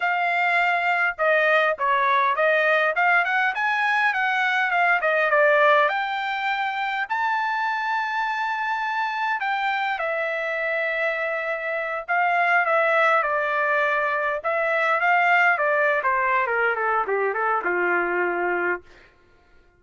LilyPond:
\new Staff \with { instrumentName = "trumpet" } { \time 4/4 \tempo 4 = 102 f''2 dis''4 cis''4 | dis''4 f''8 fis''8 gis''4 fis''4 | f''8 dis''8 d''4 g''2 | a''1 |
g''4 e''2.~ | e''8 f''4 e''4 d''4.~ | d''8 e''4 f''4 d''8. c''8. | ais'8 a'8 g'8 a'8 f'2 | }